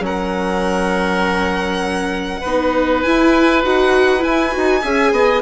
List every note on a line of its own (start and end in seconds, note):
0.00 2.40 F#3
0.00 2.42 C#4
0.00 2.41 A#4
0.06 3.02 F#5
2.41 3.05 B3
2.41 3.06 D#4
2.41 4.81 B4
3.02 3.63 E4
3.02 3.64 E4
3.02 3.62 G#5
3.63 4.24 D#4
3.63 4.20 F#4
3.63 4.24 F#5
4.20 4.50 E4
4.20 4.55 E4
4.20 5.43 G#5
4.52 4.84 D#4
4.52 4.82 F#4
4.82 5.12 C#4
4.82 5.43 G#4
4.82 5.12 E5
5.12 5.42 B3
5.12 5.43 D#5